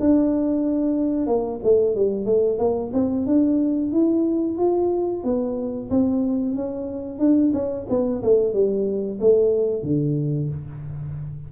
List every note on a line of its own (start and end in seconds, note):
0.00 1.27 D4
1.27 1.60 A#3
1.64 1.96 A3
1.96 2.26 G3
2.26 2.59 A3
2.59 2.92 A#3
2.93 3.26 C4
3.27 3.92 D4
3.92 4.58 E4
4.58 5.24 F4
5.24 5.90 B3
5.90 6.56 C4
6.56 7.19 C#4
7.19 7.52 D4
7.54 7.87 C#4
7.89 8.22 B3
8.23 8.54 A3
8.54 9.19 G3
9.21 9.83 A3
9.83 10.49 D3